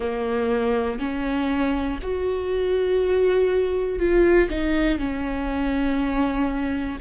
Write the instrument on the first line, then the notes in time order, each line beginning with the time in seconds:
viola
0.00 A#3
0.99 C#4
2.02 F#4
3.99 F4
4.50 D#4
4.98 C#4